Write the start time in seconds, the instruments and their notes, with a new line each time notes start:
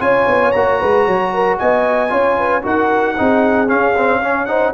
0.00 tuba C#4, trombone F4, horn C#5, trumpet G#5
0.27 tuba B3
0.52 tuba A#3, trombone F#4, trumpet A#5
0.80 tuba G#3, horn B4
1.05 tuba F#3, horn C#5
1.34 horn A#4
1.58 tuba B3, horn D#5, trumpet G#5
2.09 tuba C#4, trombone F4, horn C#5
2.38 horn B4
2.62 tuba D#4, trombone F#4, horn A#4, trumpet F#5
3.18 tuba C4, trombone D#4, horn G#4
3.68 trombone C#4, tuba C#4, trumpet F5
3.96 trombone C4
4.19 trombone C#4, horn C#5
4.45 trombone D#4, horn C5, trumpet F#5